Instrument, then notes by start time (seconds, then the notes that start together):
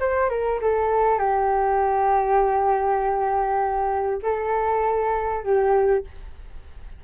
flute
0.00 C5
0.30 A#4
0.62 A4
1.19 G4
4.23 A4
5.44 G4